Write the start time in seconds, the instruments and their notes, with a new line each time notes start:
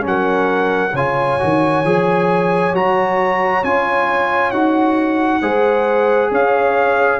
0.00 tuba F#3, trombone C#4
0.07 horn A#4, trumpet F#5
0.93 tuba C#3, trombone F4, horn C#5, trumpet G#5
1.39 tuba D#3, trombone F#4
1.84 tuba F3, trombone G#4
2.74 tuba F#3, trombone F#4, trumpet A#5
3.63 tuba C#4, trombone F4, trumpet G#5
4.51 tuba D#4, trombone F#4, trumpet F#5
5.41 tuba G#3, trombone G#4, horn C5
6.31 tuba C#4, horn C#5, trumpet F5